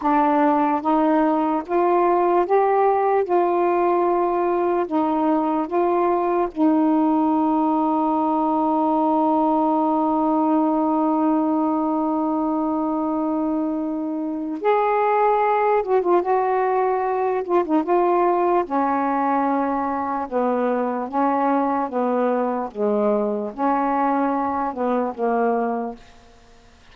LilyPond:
\new Staff \with { instrumentName = "saxophone" } { \time 4/4 \tempo 4 = 74 d'4 dis'4 f'4 g'4 | f'2 dis'4 f'4 | dis'1~ | dis'1~ |
dis'2 gis'4. fis'16 f'16 | fis'4. f'16 dis'16 f'4 cis'4~ | cis'4 b4 cis'4 b4 | gis4 cis'4. b8 ais4 | }